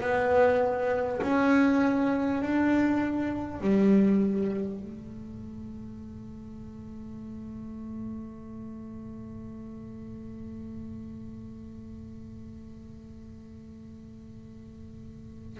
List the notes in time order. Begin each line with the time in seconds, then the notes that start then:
0.00 B3
1.22 C#4
2.41 D4
3.61 G3
4.80 A3